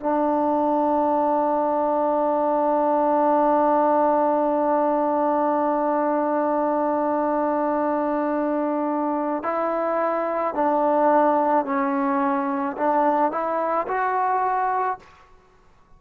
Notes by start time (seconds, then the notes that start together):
0.00 D4
9.43 E4
10.55 D4
11.65 C#4
12.77 D4
13.31 E4
13.88 F#4